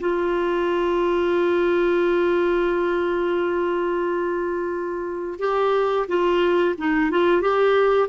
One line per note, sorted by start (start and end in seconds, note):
0.00 5.39 F4
5.39 6.07 G4
6.08 6.75 F4
6.78 7.11 D#4
7.11 7.42 F4
7.42 8.09 G4